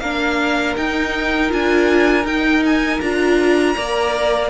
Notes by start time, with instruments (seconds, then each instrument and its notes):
0.00 cello A#3, viola D4, violin A#4 F5
0.77 cello D#4, viola D#4, violin G5
1.49 cello D4, viola F4, violin G#5
2.25 cello D#4, viola D#4, violin G5
2.66 violin G#5
3.01 cello D4, viola F4, violin A#5
3.77 cello A#3, viola A#4, violin D5